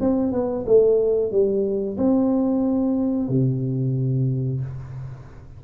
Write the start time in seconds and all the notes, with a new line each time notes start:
0.00 C4
0.32 B3
0.66 A3
1.31 G3
1.98 C4
3.29 C3